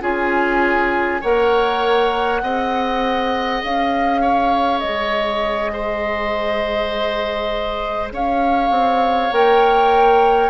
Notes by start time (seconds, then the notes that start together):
0.00 C#4 F4 G#4 G#5
1.21 A#3 A#4 C#5 F#5
2.42 C4 G#4 D#5
3.63 C#4 F5
4.21 C#5
4.79 G#3 D#5
5.73 C5
8.12 C#4 C#5 F5
8.70 C4
9.31 A#3 A#4 G5